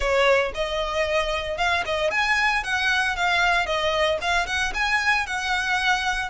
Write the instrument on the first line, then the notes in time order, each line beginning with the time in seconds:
violin
0.00 C#5
0.54 D#5
1.57 F5
1.85 D#5
2.11 G#5
2.63 F#5
3.16 F5
3.66 D#5
4.21 F5
4.46 F#5
4.73 G#5
5.26 F#5